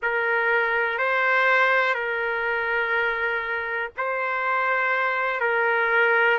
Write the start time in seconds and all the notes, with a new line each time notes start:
0.02 A#4
0.98 C5
1.94 A#4
3.97 C5
5.40 A#4